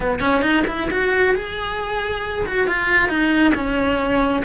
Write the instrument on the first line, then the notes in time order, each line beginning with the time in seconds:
cello
0.00 B3
0.20 C#4
0.41 D#4
0.67 E4
0.90 F#4
1.34 G#4
2.46 F#4
2.67 F4
3.08 D#4
3.54 C#4